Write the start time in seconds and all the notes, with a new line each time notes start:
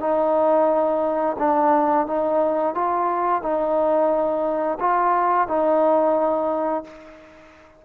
0.00 D#4
1.39 D4
2.07 D#4
2.75 F4
3.42 D#4
4.80 F4
5.48 D#4